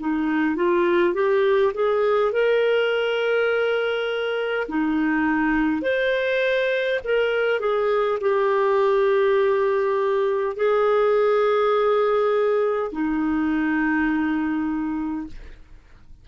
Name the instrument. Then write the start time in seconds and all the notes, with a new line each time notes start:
clarinet
0.00 D#4
0.56 F4
1.14 G4
1.74 G#4
2.32 A#4
4.69 D#4
5.82 C5
7.04 A#4
7.60 G#4
8.21 G4
10.56 G#4
12.92 D#4